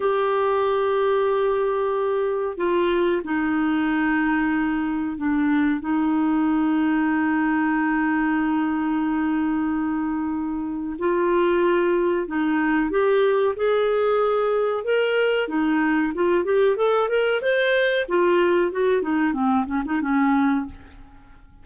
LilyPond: \new Staff \with { instrumentName = "clarinet" } { \time 4/4 \tempo 4 = 93 g'1 | f'4 dis'2. | d'4 dis'2.~ | dis'1~ |
dis'4 f'2 dis'4 | g'4 gis'2 ais'4 | dis'4 f'8 g'8 a'8 ais'8 c''4 | f'4 fis'8 dis'8 c'8 cis'16 dis'16 cis'4 | }